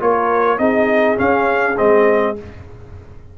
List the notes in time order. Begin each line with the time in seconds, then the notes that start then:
0.00 A#3 F4 A#4 C#5
0.59 C4 D#4 G#4 D#5
1.17 C#4 F5
1.77 G#3 C4 D#5